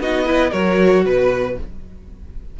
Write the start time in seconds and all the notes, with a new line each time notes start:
0.00 B3 D#4 F#4 D#5
0.25 E4 B4
0.50 F#3 F#4 A#4 C#5
1.05 B2 B4